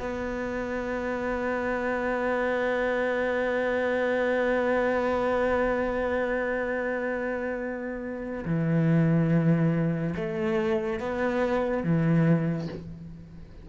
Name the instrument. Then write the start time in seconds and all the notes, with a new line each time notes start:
cello
0.00 B3
8.46 E3
10.17 A3
11.00 B3
11.84 E3